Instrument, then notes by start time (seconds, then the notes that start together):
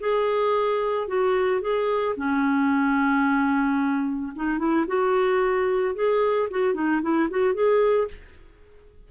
clarinet
0.00 G#4
1.07 F#4
1.61 G#4
2.16 C#4
4.35 D#4
4.58 E4
4.87 F#4
5.95 G#4
6.50 F#4
6.74 D#4
7.02 E4
7.30 F#4
7.54 G#4